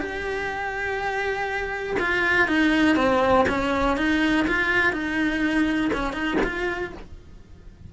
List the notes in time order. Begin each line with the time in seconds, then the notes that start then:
0.00 G4
2.00 F4
2.48 D#4
2.96 C4
3.49 C#4
3.97 D#4
4.48 F4
4.93 D#4
5.93 C#4
6.13 D#4
6.44 F4